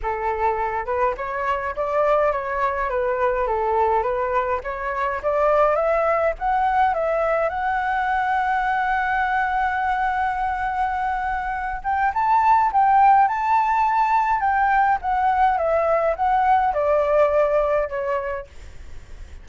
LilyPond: \new Staff \with { instrumentName = "flute" } { \time 4/4 \tempo 4 = 104 a'4. b'8 cis''4 d''4 | cis''4 b'4 a'4 b'4 | cis''4 d''4 e''4 fis''4 | e''4 fis''2.~ |
fis''1~ | fis''8 g''8 a''4 g''4 a''4~ | a''4 g''4 fis''4 e''4 | fis''4 d''2 cis''4 | }